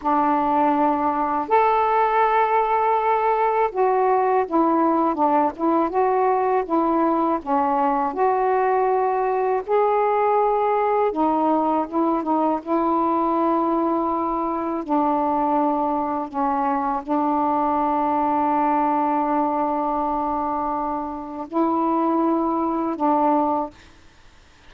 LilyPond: \new Staff \with { instrumentName = "saxophone" } { \time 4/4 \tempo 4 = 81 d'2 a'2~ | a'4 fis'4 e'4 d'8 e'8 | fis'4 e'4 cis'4 fis'4~ | fis'4 gis'2 dis'4 |
e'8 dis'8 e'2. | d'2 cis'4 d'4~ | d'1~ | d'4 e'2 d'4 | }